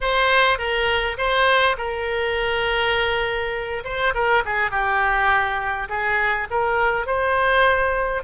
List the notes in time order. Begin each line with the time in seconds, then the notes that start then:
0.00 C5
0.58 A#4
1.17 C5
1.77 A#4
3.84 C5
4.14 A#4
4.45 G#4
4.70 G4
5.89 G#4
6.50 A#4
7.06 C5